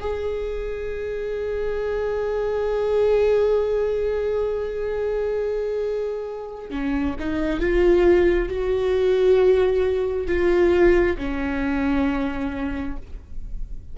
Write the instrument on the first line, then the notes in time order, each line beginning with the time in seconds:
viola
0.00 G#4
6.70 C#4
7.19 D#4
7.60 F4
8.49 F#4
10.27 F4
11.18 C#4